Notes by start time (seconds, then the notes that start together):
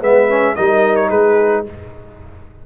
0.00 G#3 B3 B4 E5
0.29 C#4
0.55 G3 D#4 A#4 D#5
0.96 C#5
1.08 G#3 G#4 B4